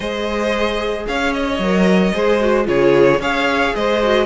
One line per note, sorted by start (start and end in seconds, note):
0.00 1.06 G#3
0.00 1.61 G#4
0.00 1.06 C5
0.00 1.06 D#5
1.07 1.59 C#4
1.07 2.13 C#5
1.07 1.33 F5
1.33 2.67 D#5
1.59 2.12 F#3
1.59 2.13 A#4
2.13 2.67 G#3
2.13 2.40 G#4
2.13 2.67 C5
2.40 2.64 F#4
2.64 3.20 C#3
2.64 3.18 F4
2.64 3.20 G#4
2.64 3.21 C#5
3.20 3.73 C#4
3.20 4.02 G#4
3.20 3.74 C#5
3.20 3.75 F5
3.75 4.25 G#3
3.75 4.25 C5
3.75 4.25 D#5
4.02 4.25 F#4